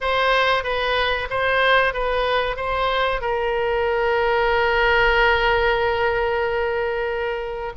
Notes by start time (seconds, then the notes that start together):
0.00 C5
0.63 B4
1.30 C5
1.93 B4
2.56 C5
3.21 A#4